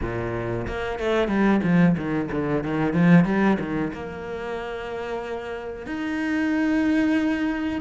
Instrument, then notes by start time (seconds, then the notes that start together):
cello
0.01 A#2
0.67 A#3
0.99 A3
1.27 G3
1.63 F3
1.97 D#3
2.31 D3
2.63 D#3
2.93 F3
3.24 G3
3.59 D#3
3.93 A#3
5.86 D#4